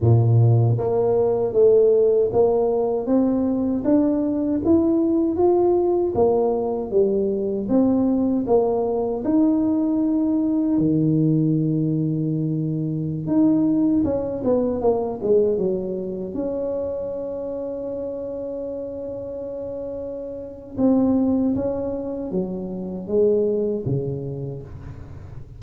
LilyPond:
\new Staff \with { instrumentName = "tuba" } { \time 4/4 \tempo 4 = 78 ais,4 ais4 a4 ais4 | c'4 d'4 e'4 f'4 | ais4 g4 c'4 ais4 | dis'2 dis2~ |
dis4~ dis16 dis'4 cis'8 b8 ais8 gis16~ | gis16 fis4 cis'2~ cis'8.~ | cis'2. c'4 | cis'4 fis4 gis4 cis4 | }